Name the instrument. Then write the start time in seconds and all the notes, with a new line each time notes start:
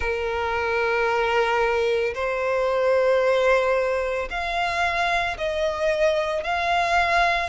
violin
0.00 A#4
2.14 C5
4.30 F5
5.37 D#5
6.43 F5